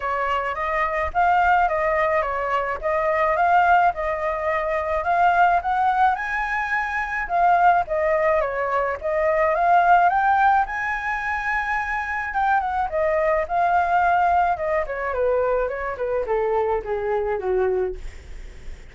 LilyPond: \new Staff \with { instrumentName = "flute" } { \time 4/4 \tempo 4 = 107 cis''4 dis''4 f''4 dis''4 | cis''4 dis''4 f''4 dis''4~ | dis''4 f''4 fis''4 gis''4~ | gis''4 f''4 dis''4 cis''4 |
dis''4 f''4 g''4 gis''4~ | gis''2 g''8 fis''8 dis''4 | f''2 dis''8 cis''8 b'4 | cis''8 b'8 a'4 gis'4 fis'4 | }